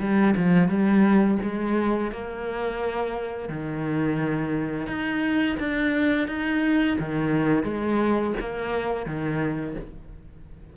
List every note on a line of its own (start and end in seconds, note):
0.00 0.35 G3
0.37 0.69 F3
0.69 1.38 G3
1.43 2.12 G#3
2.12 3.49 A#3
3.49 4.87 D#3
4.87 5.57 D#4
5.59 6.28 D4
6.28 6.98 D#4
7.00 7.64 D#3
7.64 8.34 G#3
8.40 9.06 A#3
9.06 9.76 D#3